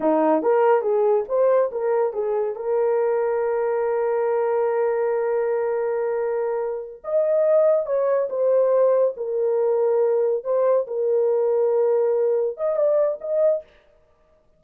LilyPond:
\new Staff \with { instrumentName = "horn" } { \time 4/4 \tempo 4 = 141 dis'4 ais'4 gis'4 c''4 | ais'4 gis'4 ais'2~ | ais'1~ | ais'1~ |
ais'8 dis''2 cis''4 c''8~ | c''4. ais'2~ ais'8~ | ais'8 c''4 ais'2~ ais'8~ | ais'4. dis''8 d''4 dis''4 | }